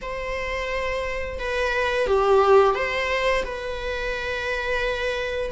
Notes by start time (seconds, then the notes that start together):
0.01 C5
1.39 B4
2.07 G4
2.74 C5
3.44 B4